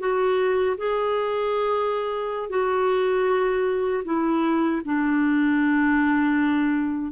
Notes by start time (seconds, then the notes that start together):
0.00 F#4
0.78 G#4
2.50 F#4
4.05 E4
4.85 D4